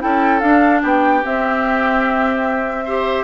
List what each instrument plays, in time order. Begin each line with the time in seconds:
0.00 bassoon C#4, clarinet E4, oboe A4, flute G5
0.40 bassoon D4, clarinet D4, flute F5
0.82 bassoon B3, oboe G4, flute G5
1.23 clarinet C4, bassoon C4, flute E5
2.84 clarinet G4, oboe C5